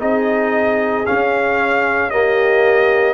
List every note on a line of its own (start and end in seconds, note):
0.00 1.07 C4
0.00 1.05 D#4
0.00 2.11 G#4
0.00 1.06 D#5
1.06 2.12 C#4
1.06 3.14 C#4
1.06 2.11 F5
2.11 3.14 A#3
2.11 3.14 G4
2.11 3.14 D#5